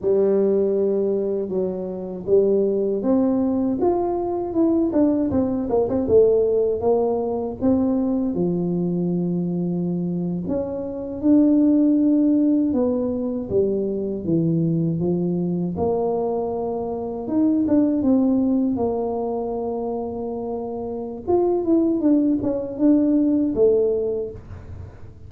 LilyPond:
\new Staff \with { instrumentName = "tuba" } { \time 4/4 \tempo 4 = 79 g2 fis4 g4 | c'4 f'4 e'8 d'8 c'8 ais16 c'16 | a4 ais4 c'4 f4~ | f4.~ f16 cis'4 d'4~ d'16~ |
d'8. b4 g4 e4 f16~ | f8. ais2 dis'8 d'8 c'16~ | c'8. ais2.~ ais16 | f'8 e'8 d'8 cis'8 d'4 a4 | }